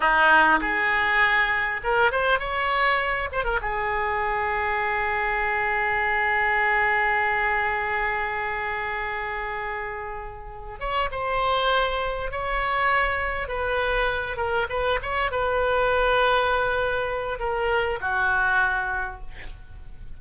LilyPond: \new Staff \with { instrumentName = "oboe" } { \time 4/4 \tempo 4 = 100 dis'4 gis'2 ais'8 c''8 | cis''4. c''16 ais'16 gis'2~ | gis'1~ | gis'1~ |
gis'2 cis''8 c''4.~ | c''8 cis''2 b'4. | ais'8 b'8 cis''8 b'2~ b'8~ | b'4 ais'4 fis'2 | }